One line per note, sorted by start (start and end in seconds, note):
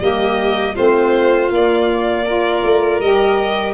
0.00 0.76 G3
0.00 0.75 A#3
0.00 0.76 G4
0.00 0.76 D#5
0.75 1.51 A3
0.75 1.50 C4
0.75 2.25 F4
0.75 1.52 C5
1.51 2.63 A#3
1.51 2.27 A#3
1.51 3.01 D5
2.25 3.02 F4
2.25 3.74 A#4
2.64 3.01 A3
3.01 3.74 G3
3.01 3.74 G4
3.01 3.74 D#5